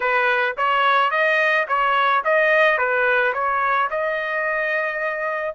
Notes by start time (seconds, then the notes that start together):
0.00 B4
0.57 C#5
1.10 D#5
1.68 C#5
2.24 D#5
2.78 B4
3.33 C#5
3.90 D#5